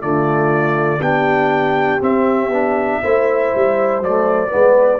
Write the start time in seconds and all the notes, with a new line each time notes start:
0.00 D3 A3 F4 D5
1.01 B3 D4 G4 G5
2.00 C4 E5
2.48 B3 D4
3.02 A3 E4 C5
3.55 G3
4.01 F#3 A3 D5
4.47 G#3 B3 B4